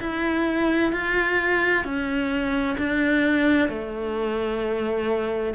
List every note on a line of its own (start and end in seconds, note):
0.00 0.92 E4
0.92 1.84 F4
1.84 2.77 C#4
2.77 3.68 D4
3.68 5.53 A3